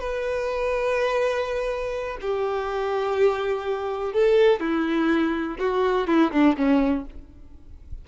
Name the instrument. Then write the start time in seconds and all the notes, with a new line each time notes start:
violin
0.00 B4
2.21 G4
4.13 A4
4.60 E4
5.59 F#4
6.07 E4
6.32 D4
6.57 C#4